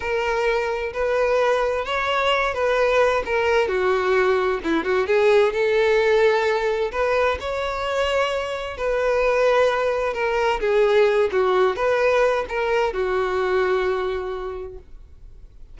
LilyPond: \new Staff \with { instrumentName = "violin" } { \time 4/4 \tempo 4 = 130 ais'2 b'2 | cis''4. b'4. ais'4 | fis'2 e'8 fis'8 gis'4 | a'2. b'4 |
cis''2. b'4~ | b'2 ais'4 gis'4~ | gis'8 fis'4 b'4. ais'4 | fis'1 | }